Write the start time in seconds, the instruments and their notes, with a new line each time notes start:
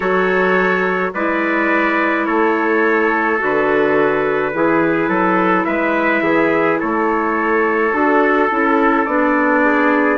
0.00 bassoon F#3, clarinet F#4, trumpet A4 C#5
1.14 bassoon G#3, clarinet E4, trumpet B4 D5
2.25 bassoon A3, trumpet A4 C#5
3.38 bassoon D3, clarinet F#4, trumpet B4
4.53 bassoon E3, clarinet E4, trumpet G#4
5.08 bassoon F#3, trumpet A4
5.64 bassoon G#3, trumpet B4 E5
6.22 bassoon E3, trumpet G#4
6.79 bassoon A3, trumpet A4 C#5
7.92 bassoon D4, clarinet F#4, trumpet A4
8.50 bassoon C#4, clarinet E4
9.05 bassoon B3, clarinet D4, trumpet D5
9.64 trumpet G#4